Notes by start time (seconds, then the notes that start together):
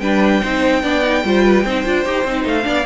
0.00 G3 D4 B4 G5
0.42 C4 D#4 C5
0.83 B3 D4 D5
1.03 D#4
1.25 G3 F4 C5
1.45 B4
1.65 C4 D#4 C5
1.86 D4 F4
2.06 D#4 G4
2.25 C4 D#4
2.45 A3 F5
2.64 B3 D4 D5